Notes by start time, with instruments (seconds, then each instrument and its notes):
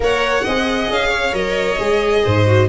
0.00 tuba A#3, viola A#4, violin C#5 F#5
0.44 tuba C4, viola G#4, violin D#5
0.89 tuba C#4, violin F5
1.08 violin C#5
1.32 tuba F#3, viola A#4, violin D#5
1.78 tuba G#3, viola G#4
2.23 tuba G#2, violin C5
2.46 viola F#4